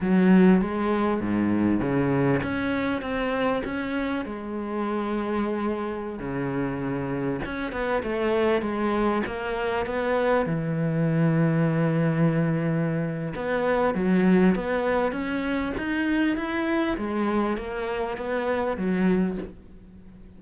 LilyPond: \new Staff \with { instrumentName = "cello" } { \time 4/4 \tempo 4 = 99 fis4 gis4 gis,4 cis4 | cis'4 c'4 cis'4 gis4~ | gis2~ gis16 cis4.~ cis16~ | cis16 cis'8 b8 a4 gis4 ais8.~ |
ais16 b4 e2~ e8.~ | e2 b4 fis4 | b4 cis'4 dis'4 e'4 | gis4 ais4 b4 fis4 | }